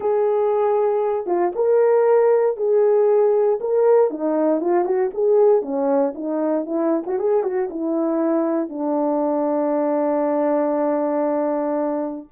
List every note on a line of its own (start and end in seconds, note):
0.00 1.26 G#4
1.26 1.52 F4
1.55 2.56 A#4
2.56 3.59 G#4
3.60 4.10 A#4
4.10 4.61 D#4
4.61 4.84 F4
4.84 5.10 F#4
5.14 5.62 G#4
5.62 6.13 C#4
6.14 6.65 D#4
6.65 7.04 E4
7.06 7.18 F#4
7.18 7.43 G#4
7.43 7.68 F#4
7.70 8.69 E4
8.69 12.28 D4